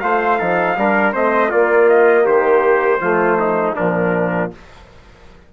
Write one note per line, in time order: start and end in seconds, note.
0.00 0.40 A3
0.00 0.39 F4
0.00 0.38 C5
0.00 1.12 F5
0.38 0.76 F3
0.38 0.76 D#4
0.38 0.76 A4
0.76 1.14 G3
0.76 1.13 D4
0.76 1.13 A#4
1.13 1.51 A3
1.13 1.50 C4
1.13 1.49 C5
1.13 1.51 D#5
1.49 3.00 A#3
1.49 2.25 A#3
1.49 2.24 F4
1.49 1.88 D5
1.88 2.25 D#5
2.24 3.00 D#3
2.24 2.99 G4
2.24 3.75 C5
3.00 3.75 F3
3.00 3.75 A3
3.00 3.38 F4
3.39 3.75 D#4
3.75 4.53 A#2
3.75 4.51 F3
3.75 4.50 D4
3.75 4.50 A#4